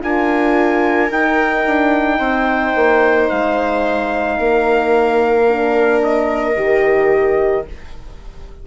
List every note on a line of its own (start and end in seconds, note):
0.00 1.10 D4
0.00 1.09 F4
0.00 2.18 A#4
0.00 1.11 G#5
1.10 1.65 D#4
1.10 5.47 D#4
1.10 3.29 G5
1.65 2.19 D4
2.18 2.74 C4
2.18 4.37 C5
2.75 3.30 A#3
3.29 4.39 G#3
3.29 6.02 F5
4.39 6.56 A#3
4.39 7.66 A#4
5.48 6.55 D4
6.03 7.67 D#5
6.55 7.65 D#3
6.55 7.65 G4